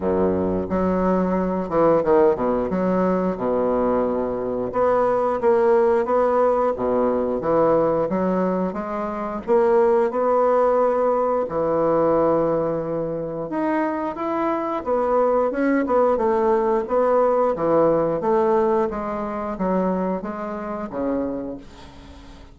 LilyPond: \new Staff \with { instrumentName = "bassoon" } { \time 4/4 \tempo 4 = 89 fis,4 fis4. e8 dis8 b,8 | fis4 b,2 b4 | ais4 b4 b,4 e4 | fis4 gis4 ais4 b4~ |
b4 e2. | dis'4 e'4 b4 cis'8 b8 | a4 b4 e4 a4 | gis4 fis4 gis4 cis4 | }